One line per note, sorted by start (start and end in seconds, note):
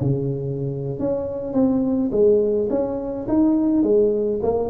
0.00 0.99 C#3
0.99 1.53 C#4
1.53 2.10 C4
2.11 2.68 G#3
2.69 3.26 C#4
3.28 3.83 D#4
3.83 4.40 G#3
4.42 4.69 A#3